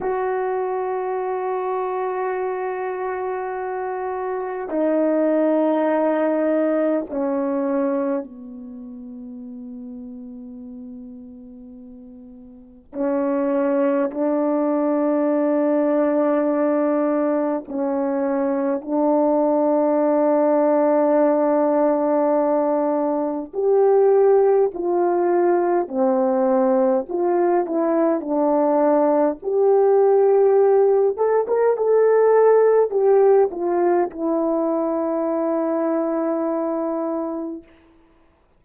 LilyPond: \new Staff \with { instrumentName = "horn" } { \time 4/4 \tempo 4 = 51 fis'1 | dis'2 cis'4 b4~ | b2. cis'4 | d'2. cis'4 |
d'1 | g'4 f'4 c'4 f'8 e'8 | d'4 g'4. a'16 ais'16 a'4 | g'8 f'8 e'2. | }